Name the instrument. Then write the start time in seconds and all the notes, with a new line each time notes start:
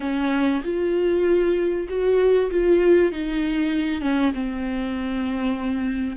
viola
0.00 C#4
0.64 F4
1.88 F#4
2.50 F4
3.12 D#4
4.01 C#4
4.34 C4